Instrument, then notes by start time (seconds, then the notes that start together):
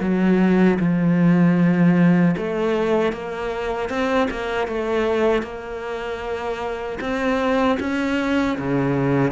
cello
0.00 F#3
0.79 F3
2.37 A3
3.12 A#3
3.89 C4
4.30 A#3
4.67 A3
5.42 A#3
7.00 C4
7.80 C#4
8.58 C#3